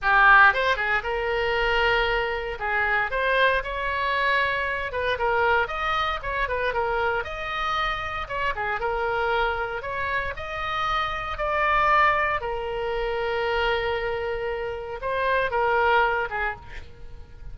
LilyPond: \new Staff \with { instrumentName = "oboe" } { \time 4/4 \tempo 4 = 116 g'4 c''8 gis'8 ais'2~ | ais'4 gis'4 c''4 cis''4~ | cis''4. b'8 ais'4 dis''4 | cis''8 b'8 ais'4 dis''2 |
cis''8 gis'8 ais'2 cis''4 | dis''2 d''2 | ais'1~ | ais'4 c''4 ais'4. gis'8 | }